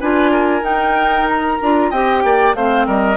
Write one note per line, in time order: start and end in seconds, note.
0.00 0.61 D4
0.00 0.62 F4
0.00 0.31 B4
0.00 0.64 G#5
0.31 1.90 A#4
0.61 1.57 D#4
0.61 1.28 G5
1.29 1.90 A#5
1.61 1.92 D4
1.61 1.93 F4
1.90 2.24 C4
1.90 2.55 G4
1.90 2.22 D#5
1.90 2.54 G5
2.24 2.54 A#3
2.24 2.56 D5
2.54 2.86 A3
2.54 3.16 C4
2.54 2.87 C5
2.54 2.87 F5
2.87 3.16 G3
2.87 3.16 A#4
2.87 3.16 D#5